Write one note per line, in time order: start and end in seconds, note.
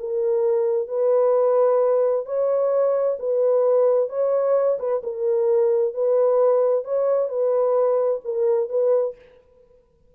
0.00 0.88 A#4
0.88 2.26 B4
2.26 3.17 C#5
3.20 4.10 B4
4.10 4.78 C#5
4.79 5.02 B4
5.04 5.94 A#4
5.94 6.85 B4
6.85 7.29 C#5
7.29 8.20 B4
8.25 8.70 A#4
8.70 9.15 B4